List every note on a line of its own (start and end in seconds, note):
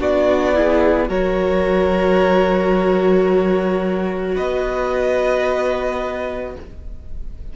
0.00 1.09 B3
0.00 0.55 D4
0.00 0.55 F#4
0.00 1.10 D5
0.55 1.09 E4
0.55 1.09 G#4
1.09 4.36 F#3
1.09 6.55 F#4
1.09 4.35 A#4
1.09 4.36 C#5
4.35 6.56 B3
4.35 6.53 B4
4.35 6.55 D#5